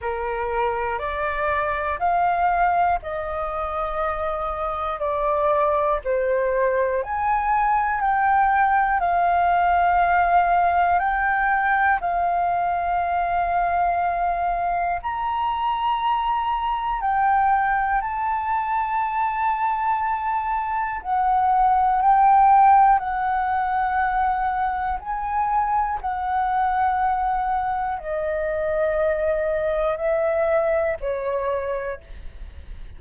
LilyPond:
\new Staff \with { instrumentName = "flute" } { \time 4/4 \tempo 4 = 60 ais'4 d''4 f''4 dis''4~ | dis''4 d''4 c''4 gis''4 | g''4 f''2 g''4 | f''2. ais''4~ |
ais''4 g''4 a''2~ | a''4 fis''4 g''4 fis''4~ | fis''4 gis''4 fis''2 | dis''2 e''4 cis''4 | }